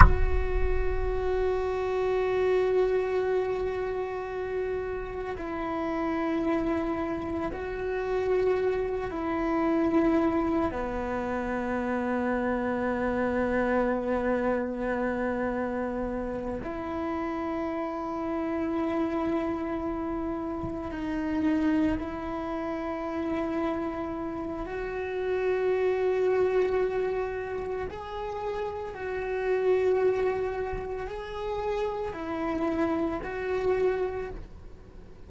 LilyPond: \new Staff \with { instrumentName = "cello" } { \time 4/4 \tempo 4 = 56 fis'1~ | fis'4 e'2 fis'4~ | fis'8 e'4. b2~ | b2.~ b8 e'8~ |
e'2.~ e'8 dis'8~ | dis'8 e'2~ e'8 fis'4~ | fis'2 gis'4 fis'4~ | fis'4 gis'4 e'4 fis'4 | }